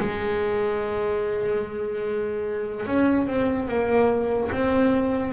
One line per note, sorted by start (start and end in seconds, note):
0.00 2.87 G#3
2.87 3.28 C#4
3.28 3.68 C4
3.68 4.50 A#3
4.52 5.33 C4